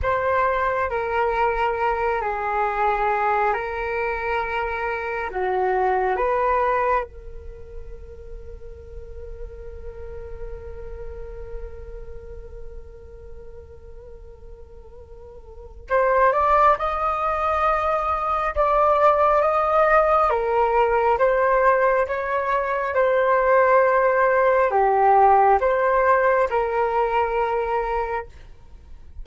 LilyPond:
\new Staff \with { instrumentName = "flute" } { \time 4/4 \tempo 4 = 68 c''4 ais'4. gis'4. | ais'2 fis'4 b'4 | ais'1~ | ais'1~ |
ais'2 c''8 d''8 dis''4~ | dis''4 d''4 dis''4 ais'4 | c''4 cis''4 c''2 | g'4 c''4 ais'2 | }